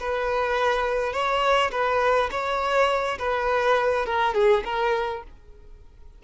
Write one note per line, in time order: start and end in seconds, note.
0.00 1.13 B4
1.13 1.72 C#5
1.72 2.30 B4
2.31 3.19 C#5
3.19 4.06 B4
4.06 4.35 A#4
4.35 4.64 G#4
4.65 5.23 A#4